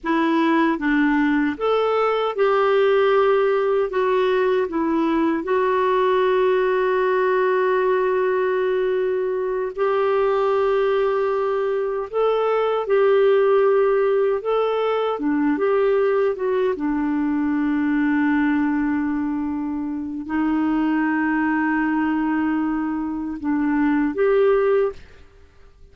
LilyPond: \new Staff \with { instrumentName = "clarinet" } { \time 4/4 \tempo 4 = 77 e'4 d'4 a'4 g'4~ | g'4 fis'4 e'4 fis'4~ | fis'1~ | fis'8 g'2. a'8~ |
a'8 g'2 a'4 d'8 | g'4 fis'8 d'2~ d'8~ | d'2 dis'2~ | dis'2 d'4 g'4 | }